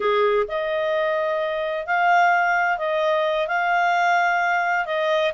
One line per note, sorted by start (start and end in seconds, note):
0.00 0.46 G#4
0.48 1.86 D#5
1.86 2.77 F5
2.77 3.47 D#5
3.47 4.85 F5
4.85 5.32 D#5